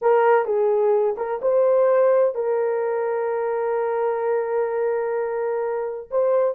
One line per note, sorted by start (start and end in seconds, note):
0.01 0.45 A#4
0.45 1.15 G#4
1.17 1.40 A#4
1.41 2.34 C5
2.34 6.09 A#4
6.10 6.54 C5